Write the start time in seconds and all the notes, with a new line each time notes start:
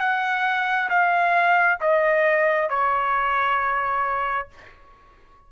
0.00 F#5
0.90 F5
1.81 D#5
2.70 C#5